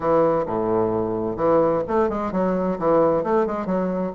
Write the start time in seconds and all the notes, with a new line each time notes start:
0.00 E3
0.46 A2
1.36 E3
1.87 A3
2.09 G#3
2.32 F#3
2.79 E3
3.23 A3
3.46 G#3
3.66 F#3